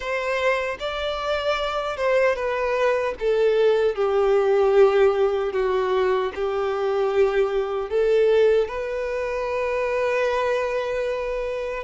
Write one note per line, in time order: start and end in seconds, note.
0.00 0.77 C5
0.79 1.96 D5
1.96 2.35 C5
2.35 3.14 B4
3.19 3.95 A4
3.95 5.53 G4
5.53 6.32 F#4
6.34 7.89 G4
7.89 8.68 A4
8.68 11.83 B4